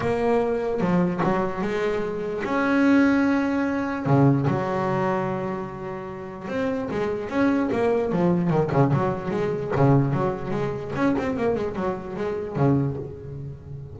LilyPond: \new Staff \with { instrumentName = "double bass" } { \time 4/4 \tempo 4 = 148 ais2 f4 fis4 | gis2 cis'2~ | cis'2 cis4 fis4~ | fis1 |
c'4 gis4 cis'4 ais4 | f4 dis8 cis8 fis4 gis4 | cis4 fis4 gis4 cis'8 c'8 | ais8 gis8 fis4 gis4 cis4 | }